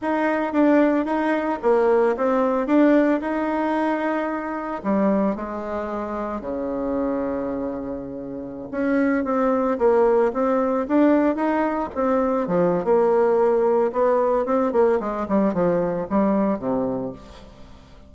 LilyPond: \new Staff \with { instrumentName = "bassoon" } { \time 4/4 \tempo 4 = 112 dis'4 d'4 dis'4 ais4 | c'4 d'4 dis'2~ | dis'4 g4 gis2 | cis1~ |
cis16 cis'4 c'4 ais4 c'8.~ | c'16 d'4 dis'4 c'4 f8. | ais2 b4 c'8 ais8 | gis8 g8 f4 g4 c4 | }